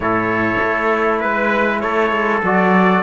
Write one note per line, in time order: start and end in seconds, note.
0.00 0.57 A2
0.00 2.43 E4
0.00 1.19 A4
0.00 1.20 C#5
0.63 1.24 A3
1.19 1.83 G#3
1.19 1.80 B4
1.80 2.11 A3
1.80 3.03 A4
1.80 2.41 C#5
2.11 2.41 G#3
2.43 3.03 F#3
2.43 3.03 F#4
2.43 3.03 D5